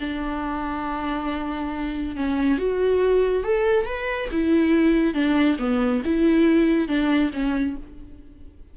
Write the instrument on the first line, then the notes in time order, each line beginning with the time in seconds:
viola
0.00 D4
2.16 C#4
2.58 F#4
3.44 A4
3.85 B4
4.31 E4
5.14 D4
5.59 B3
6.05 E4
6.88 D4
7.33 C#4